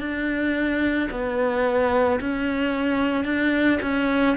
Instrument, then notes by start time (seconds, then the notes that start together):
cello
0.00 D4
1.11 B3
2.21 C#4
3.25 D4
3.82 C#4